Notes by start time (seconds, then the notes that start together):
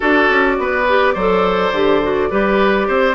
0.00 D4 F#4 A4 D5
0.29 C#4
0.58 B3 B4
0.88 G4
1.13 F#3 A4 C5
1.72 D3 G4
2.02 F#4
2.30 G3 G4 B4
2.87 C4 C5